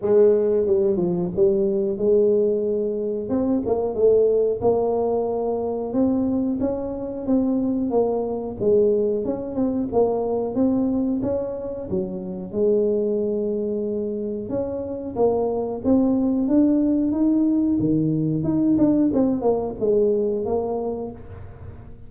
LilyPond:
\new Staff \with { instrumentName = "tuba" } { \time 4/4 \tempo 4 = 91 gis4 g8 f8 g4 gis4~ | gis4 c'8 ais8 a4 ais4~ | ais4 c'4 cis'4 c'4 | ais4 gis4 cis'8 c'8 ais4 |
c'4 cis'4 fis4 gis4~ | gis2 cis'4 ais4 | c'4 d'4 dis'4 dis4 | dis'8 d'8 c'8 ais8 gis4 ais4 | }